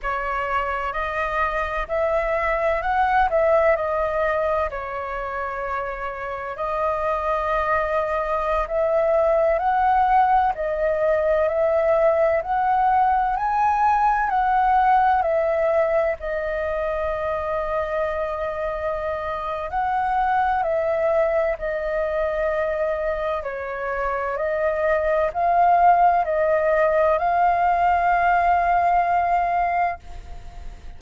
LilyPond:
\new Staff \with { instrumentName = "flute" } { \time 4/4 \tempo 4 = 64 cis''4 dis''4 e''4 fis''8 e''8 | dis''4 cis''2 dis''4~ | dis''4~ dis''16 e''4 fis''4 dis''8.~ | dis''16 e''4 fis''4 gis''4 fis''8.~ |
fis''16 e''4 dis''2~ dis''8.~ | dis''4 fis''4 e''4 dis''4~ | dis''4 cis''4 dis''4 f''4 | dis''4 f''2. | }